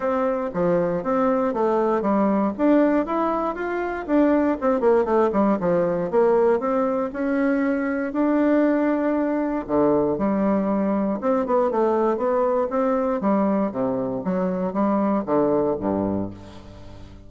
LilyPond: \new Staff \with { instrumentName = "bassoon" } { \time 4/4 \tempo 4 = 118 c'4 f4 c'4 a4 | g4 d'4 e'4 f'4 | d'4 c'8 ais8 a8 g8 f4 | ais4 c'4 cis'2 |
d'2. d4 | g2 c'8 b8 a4 | b4 c'4 g4 c4 | fis4 g4 d4 g,4 | }